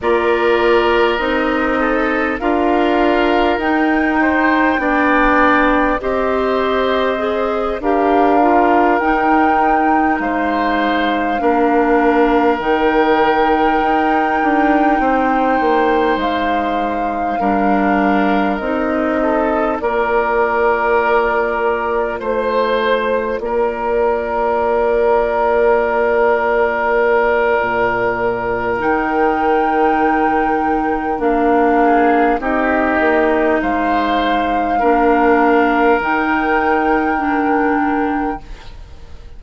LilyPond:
<<
  \new Staff \with { instrumentName = "flute" } { \time 4/4 \tempo 4 = 50 d''4 dis''4 f''4 g''4~ | g''4 dis''4. f''4 g''8~ | g''8 f''2 g''4.~ | g''4. f''2 dis''8~ |
dis''8 d''2 c''4 d''8~ | d''1 | g''2 f''4 dis''4 | f''2 g''2 | }
  \new Staff \with { instrumentName = "oboe" } { \time 4/4 ais'4. a'8 ais'4. c''8 | d''4 c''4. ais'4.~ | ais'8 c''4 ais'2~ ais'8~ | ais'8 c''2 ais'4. |
a'8 ais'2 c''4 ais'8~ | ais'1~ | ais'2~ ais'8 gis'8 g'4 | c''4 ais'2. | }
  \new Staff \with { instrumentName = "clarinet" } { \time 4/4 f'4 dis'4 f'4 dis'4 | d'4 g'4 gis'8 g'8 f'8 dis'8~ | dis'4. d'4 dis'4.~ | dis'2~ dis'8 d'4 dis'8~ |
dis'8 f'2.~ f'8~ | f'1 | dis'2 d'4 dis'4~ | dis'4 d'4 dis'4 d'4 | }
  \new Staff \with { instrumentName = "bassoon" } { \time 4/4 ais4 c'4 d'4 dis'4 | b4 c'4. d'4 dis'8~ | dis'8 gis4 ais4 dis4 dis'8 | d'8 c'8 ais8 gis4 g4 c'8~ |
c'8 ais2 a4 ais8~ | ais2. ais,4 | dis2 ais4 c'8 ais8 | gis4 ais4 dis2 | }
>>